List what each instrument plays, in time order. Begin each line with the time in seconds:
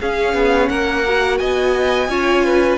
0.00 viola C#4, cello C#4, violin G#4 F5
0.34 cello B3
0.69 cello A#3, violin A#4 F#5
1.07 viola F#4
1.38 cello B3, violin D#5 G#5
2.08 cello C#4, viola F4, violin C#5
2.44 violin B4